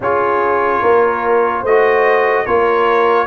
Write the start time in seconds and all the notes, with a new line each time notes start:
0.00 C#4 F4 G#4 C#5
0.81 A#3 A#4
1.61 A3 C5 D#5
1.68 F#4
2.45 A#3 F4 A#4 C#5